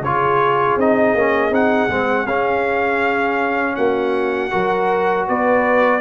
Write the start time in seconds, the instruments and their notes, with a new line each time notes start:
0.00 tuba C#3, trombone F4, horn G#4, trumpet C#5
0.76 tuba C4, trombone D#4, trumpet D#5
1.14 tuba A#3, trombone C#4
1.50 tuba C4, trombone D#4, trumpet F#5
1.88 tuba G#3, trombone C4
2.26 tuba C#4, trombone C#4, trumpet F5
3.75 tuba A#3, horn F#4, trumpet F#5
4.50 tuba F#3, trombone F#4, horn A#4
5.27 tuba B3, horn B4, trumpet D5